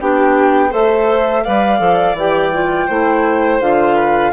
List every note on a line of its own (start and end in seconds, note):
0.00 0.73 B3
0.00 0.70 D4
0.00 0.71 G4
0.00 0.73 G5
0.70 1.45 A3
0.70 1.42 A4
0.70 1.43 C5
0.70 1.43 E5
1.43 1.80 G3
1.43 1.79 B4
1.43 2.87 D5
1.43 2.15 F5
1.79 2.14 F3
1.79 2.15 A4
2.14 2.86 E3
2.14 2.53 G4
2.14 3.61 G5
2.53 2.89 F4
2.87 3.61 A3
2.87 3.61 E4
2.87 3.95 C5
3.61 4.32 D3
3.61 4.32 F4
3.61 4.32 F5
3.95 4.31 B4